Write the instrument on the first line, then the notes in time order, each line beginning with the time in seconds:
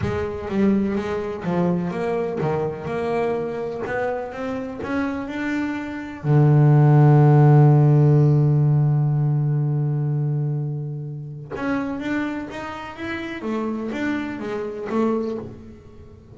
double bass
0.01 G#3
0.48 G3
0.95 G#3
1.44 F3
1.90 A#3
2.40 D#3
2.85 A#3
3.86 B3
4.32 C4
4.82 C#4
5.27 D4
6.23 D3
11.55 C#4
11.99 D4
12.50 D#4
12.96 E4
13.42 A3
13.92 D4
14.39 G#3
14.89 A3